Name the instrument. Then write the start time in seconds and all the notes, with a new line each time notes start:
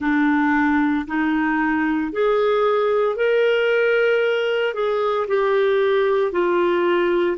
clarinet
0.00 D4
1.07 D#4
2.12 G#4
3.16 A#4
4.74 G#4
5.27 G4
6.32 F4